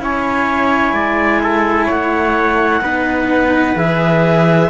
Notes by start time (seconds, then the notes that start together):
0.00 C#4 E4 C#5 G#5
0.94 G#3 D5
1.43 A4
1.86 A3 C#5 F#5
2.81 B3 D#4 B4
3.76 E3 G#4 E5